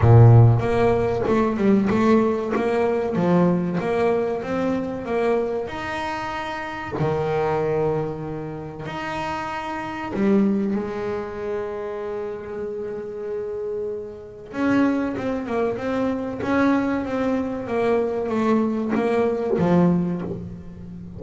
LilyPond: \new Staff \with { instrumentName = "double bass" } { \time 4/4 \tempo 4 = 95 ais,4 ais4 a8 g8 a4 | ais4 f4 ais4 c'4 | ais4 dis'2 dis4~ | dis2 dis'2 |
g4 gis2.~ | gis2. cis'4 | c'8 ais8 c'4 cis'4 c'4 | ais4 a4 ais4 f4 | }